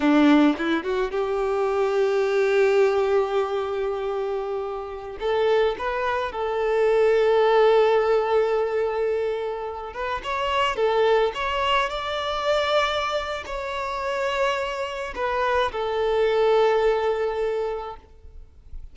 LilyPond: \new Staff \with { instrumentName = "violin" } { \time 4/4 \tempo 4 = 107 d'4 e'8 fis'8 g'2~ | g'1~ | g'4~ g'16 a'4 b'4 a'8.~ | a'1~ |
a'4.~ a'16 b'8 cis''4 a'8.~ | a'16 cis''4 d''2~ d''8. | cis''2. b'4 | a'1 | }